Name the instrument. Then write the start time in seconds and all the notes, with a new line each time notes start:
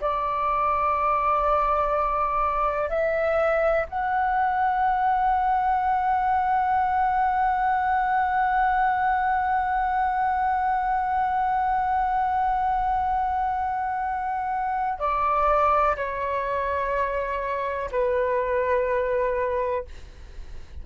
flute
0.00 D5
2.89 E5
3.89 F#5
14.99 D5
15.96 C#5
17.91 B4